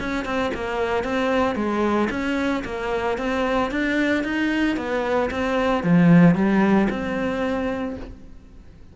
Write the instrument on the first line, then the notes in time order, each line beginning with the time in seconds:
cello
0.00 C#4
0.25 C4
0.55 A#3
1.04 C4
1.56 G#3
2.11 C#4
2.65 A#3
3.18 C4
3.72 D4
4.25 D#4
4.77 B3
5.31 C4
5.84 F3
6.36 G3
6.91 C4